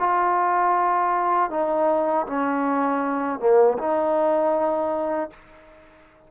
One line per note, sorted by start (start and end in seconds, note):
0.00 1.51 F4
1.51 2.26 D#4
2.27 3.40 C#4
3.40 3.78 A#3
3.79 5.31 D#4